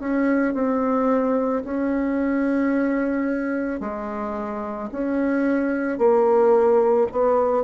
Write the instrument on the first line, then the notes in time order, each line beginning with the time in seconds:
bassoon
0.00 C#4
0.54 C4
1.65 C#4
3.80 G#3
4.92 C#4
5.98 A#3
7.12 B3